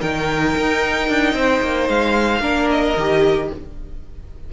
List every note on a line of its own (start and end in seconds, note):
0.00 0.55 D#3
0.00 2.41 D#4
0.00 1.34 A#4
0.00 1.88 G5
0.56 1.09 D#4
1.09 1.33 D4
1.33 1.60 C4
1.33 2.41 C5
1.61 1.88 A#3
1.88 2.40 G#3
1.88 2.69 F5
2.40 2.93 A#3
2.40 2.95 D4
2.40 3.48 A#4
2.70 3.50 D#5
2.96 3.50 D#3
2.96 3.52 G4